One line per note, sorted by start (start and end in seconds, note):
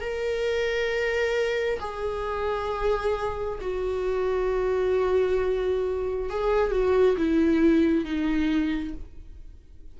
0.00 1.79 A#4
1.80 3.59 G#4
3.61 6.29 F#4
6.29 6.71 G#4
6.71 7.16 F#4
7.17 8.04 E4
8.04 8.94 D#4